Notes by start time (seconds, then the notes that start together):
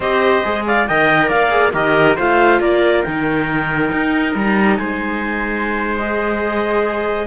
0.00 C4 G4 C5 D#5
0.43 G#3 G#4
0.67 D5 F5
0.87 D#3 A#4 D#5 G5
1.28 A#3 D5 F5
1.49 G#4
1.73 D#3 G4 A#4 D#5
2.16 A3 F4 C5 F5
2.60 A#3 A#4 D5
3.02 D#3 D#4 G5
3.91 D#4
4.35 G3 A#5
4.76 G#3 C5 G#5
5.98 G#4 D#5